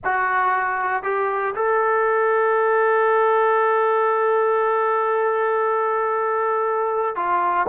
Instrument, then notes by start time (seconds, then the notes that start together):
trombone
0.04 F#4
1.03 G4
1.55 A4
7.15 F4